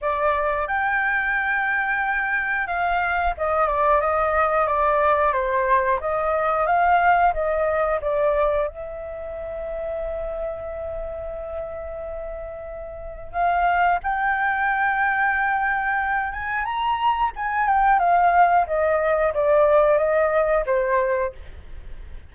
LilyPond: \new Staff \with { instrumentName = "flute" } { \time 4/4 \tempo 4 = 90 d''4 g''2. | f''4 dis''8 d''8 dis''4 d''4 | c''4 dis''4 f''4 dis''4 | d''4 e''2.~ |
e''1 | f''4 g''2.~ | g''8 gis''8 ais''4 gis''8 g''8 f''4 | dis''4 d''4 dis''4 c''4 | }